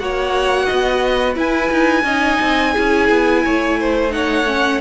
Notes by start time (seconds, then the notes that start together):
0.00 A#3 F#4 C#5 F#5
0.66 B3 D#5
1.35 E4 B4 G#5
1.72 D#4
2.04 C#4 D#4 D#5
2.42 C4
2.73 C#4 E4 G#4
3.10 B3
3.45 A3 C#5
3.80 C5
4.10 D#4 C#5 F#5
4.47 C#4